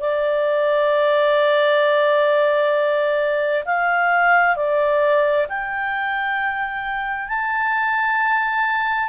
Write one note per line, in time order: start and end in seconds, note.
0.00 3.64 D5
3.65 4.55 F5
4.55 5.46 D5
5.48 7.28 G5
7.28 9.08 A5